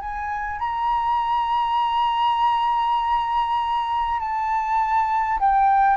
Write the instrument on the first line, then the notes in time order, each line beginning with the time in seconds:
flute
0.00 G#5
0.59 A#5
4.19 A5
5.39 G5